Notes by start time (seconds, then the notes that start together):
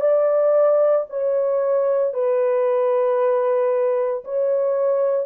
0.00 D5
1.09 C#5
2.13 B4
4.24 C#5